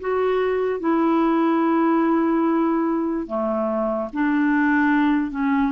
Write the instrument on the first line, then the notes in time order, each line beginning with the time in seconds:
clarinet
0.00 F#4
0.80 E4
3.27 A3
4.13 D4
5.31 C#4